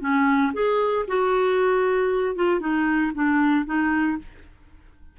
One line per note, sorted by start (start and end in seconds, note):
0.00 0.52 C#4
0.53 1.05 G#4
1.07 2.35 F#4
2.35 2.60 F4
2.60 3.12 D#4
3.14 3.65 D4
3.65 4.17 D#4